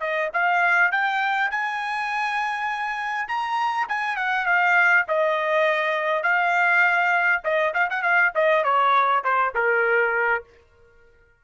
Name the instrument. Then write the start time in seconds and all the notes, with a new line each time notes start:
trumpet
0.00 D#5
0.33 F5
0.92 G5
1.51 G#5
3.28 A#5
3.89 G#5
4.16 F#5
4.46 F5
5.08 D#5
6.23 F5
7.44 D#5
7.74 F5
7.90 F#5
8.03 F5
8.35 D#5
8.64 C#5
9.24 C5
9.55 A#4